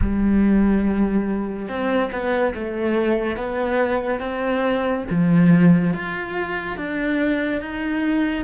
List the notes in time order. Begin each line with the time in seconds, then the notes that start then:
0.01 G3
1.68 C4
2.11 B3
2.54 A3
3.36 B3
4.19 C4
5.10 F3
5.93 F4
6.76 D4
7.61 D#4